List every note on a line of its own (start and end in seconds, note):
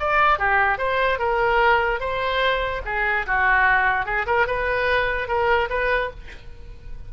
0.00 0.39 D5
0.39 0.78 G4
0.78 1.19 C5
1.19 2.01 A#4
2.01 2.82 C5
2.86 3.26 G#4
3.27 4.06 F#4
4.06 4.27 G#4
4.27 4.47 A#4
4.47 5.29 B4
5.29 5.69 A#4
5.70 6.11 B4